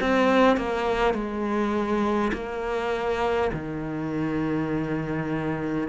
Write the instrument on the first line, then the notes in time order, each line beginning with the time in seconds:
cello
0.00 C4
0.57 A#3
1.14 G#3
2.33 A#3
3.52 D#3